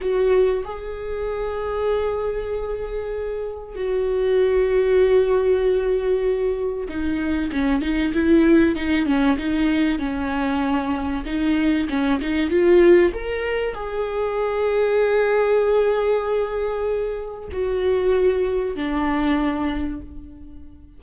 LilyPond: \new Staff \with { instrumentName = "viola" } { \time 4/4 \tempo 4 = 96 fis'4 gis'2.~ | gis'2 fis'2~ | fis'2. dis'4 | cis'8 dis'8 e'4 dis'8 cis'8 dis'4 |
cis'2 dis'4 cis'8 dis'8 | f'4 ais'4 gis'2~ | gis'1 | fis'2 d'2 | }